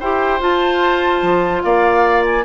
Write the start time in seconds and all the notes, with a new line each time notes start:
0.00 E4 G4 C5 G5
0.41 F4 A5
1.23 F3
1.62 A#3 D5 F5
2.25 G#5